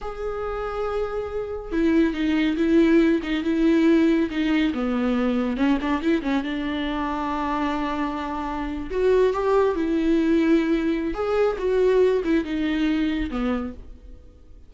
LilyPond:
\new Staff \with { instrumentName = "viola" } { \time 4/4 \tempo 4 = 140 gis'1 | e'4 dis'4 e'4. dis'8 | e'2 dis'4 b4~ | b4 cis'8 d'8 e'8 cis'8 d'4~ |
d'1~ | d'8. fis'4 g'4 e'4~ e'16~ | e'2 gis'4 fis'4~ | fis'8 e'8 dis'2 b4 | }